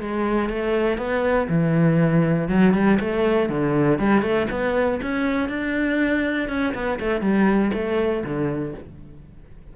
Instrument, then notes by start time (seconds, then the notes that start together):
cello
0.00 G#3
0.49 A3
0.97 B3
1.48 E3
2.48 F#3
2.73 G3
3.00 A3
3.49 D3
3.98 G3
4.22 A3
4.50 B3
5.02 C#4
5.49 D4
6.48 C#4
6.74 B3
6.99 A3
7.21 G3
7.73 A3
8.24 D3